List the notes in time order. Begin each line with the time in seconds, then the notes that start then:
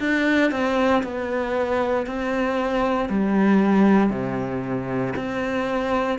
0.00 D4
0.51 C4
1.03 B3
2.06 C4
3.09 G3
4.10 C3
5.16 C4